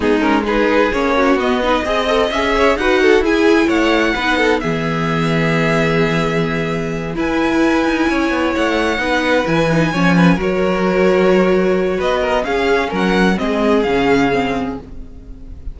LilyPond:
<<
  \new Staff \with { instrumentName = "violin" } { \time 4/4 \tempo 4 = 130 gis'8 ais'8 b'4 cis''4 dis''4~ | dis''4 e''4 fis''4 gis''4 | fis''2 e''2~ | e''2.~ e''8 gis''8~ |
gis''2~ gis''8 fis''4.~ | fis''8 gis''2 cis''4.~ | cis''2 dis''4 f''4 | fis''4 dis''4 f''2 | }
  \new Staff \with { instrumentName = "violin" } { \time 4/4 dis'4 gis'4. fis'4 b'8 | dis''4. cis''8 b'8 a'8 gis'4 | cis''4 b'8 a'8 gis'2~ | gis'2.~ gis'8 b'8~ |
b'4. cis''2 b'8~ | b'4. cis''8 b'8 ais'4.~ | ais'2 b'8 ais'8 gis'4 | ais'4 gis'2. | }
  \new Staff \with { instrumentName = "viola" } { \time 4/4 b8 cis'8 dis'4 cis'4 b8 dis'8 | gis'8 a'8 gis'4 fis'4 e'4~ | e'4 dis'4 b2~ | b2.~ b8 e'8~ |
e'2.~ e'8 dis'8~ | dis'8 e'8 dis'8 cis'4 fis'4.~ | fis'2. cis'4~ | cis'4 c'4 cis'4 c'4 | }
  \new Staff \with { instrumentName = "cello" } { \time 4/4 gis2 ais4 b4 | c'4 cis'4 dis'4 e'4 | a4 b4 e2~ | e2.~ e8 e'8~ |
e'4 dis'8 cis'8 b8 a4 b8~ | b8 e4 f4 fis4.~ | fis2 b4 cis'4 | fis4 gis4 cis2 | }
>>